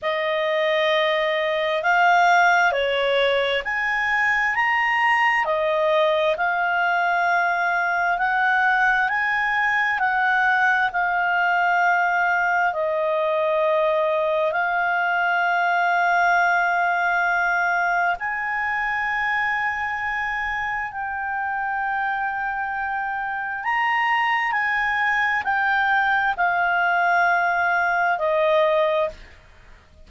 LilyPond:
\new Staff \with { instrumentName = "clarinet" } { \time 4/4 \tempo 4 = 66 dis''2 f''4 cis''4 | gis''4 ais''4 dis''4 f''4~ | f''4 fis''4 gis''4 fis''4 | f''2 dis''2 |
f''1 | gis''2. g''4~ | g''2 ais''4 gis''4 | g''4 f''2 dis''4 | }